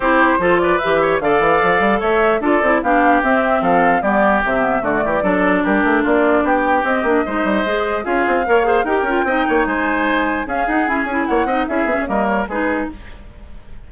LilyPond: <<
  \new Staff \with { instrumentName = "flute" } { \time 4/4 \tempo 4 = 149 c''4. d''8 e''4 f''4~ | f''4 e''4 d''4 f''4 | e''4 f''4 d''4 e''4 | d''2 ais'4 d''4 |
g''4 dis''2. | f''2 g''2 | gis''2 f''8 fis''8 gis''4 | fis''4 e''4 dis''8 cis''8 b'4 | }
  \new Staff \with { instrumentName = "oboe" } { \time 4/4 g'4 a'8 b'4 cis''8 d''4~ | d''4 cis''4 a'4 g'4~ | g'4 a'4 g'2 | fis'8 g'8 a'4 g'4 f'4 |
g'2 c''2 | gis'4 cis''8 c''8 ais'4 dis''8 cis''8 | c''2 gis'2 | cis''8 dis''8 gis'4 ais'4 gis'4 | }
  \new Staff \with { instrumentName = "clarinet" } { \time 4/4 e'4 f'4 g'4 a'4~ | a'2 f'8 e'8 d'4 | c'2 b4 c'8 b8 | a4 d'2.~ |
d'4 c'8 d'8 dis'4 gis'4 | f'4 ais'8 gis'8 g'8 f'8 dis'4~ | dis'2 cis'8 dis'8 cis'8 e'8~ | e'8 dis'8 e'8 cis'8 ais4 dis'4 | }
  \new Staff \with { instrumentName = "bassoon" } { \time 4/4 c'4 f4 e4 d8 e8 | f8 g8 a4 d'8 c'8 b4 | c'4 f4 g4 c4 | d8 e8 fis4 g8 a8 ais4 |
b4 c'8 ais8 gis8 g8 gis4 | cis'8 c'8 ais4 dis'8 cis'8 c'8 ais8 | gis2 cis'8 dis'8 e'8 cis'8 | ais8 c'8 cis'8 b16 cis'16 g4 gis4 | }
>>